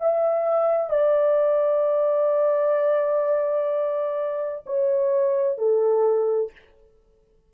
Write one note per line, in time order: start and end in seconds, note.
0.00 0.90 E5
0.90 4.65 D5
4.66 5.58 C#5
5.58 6.52 A4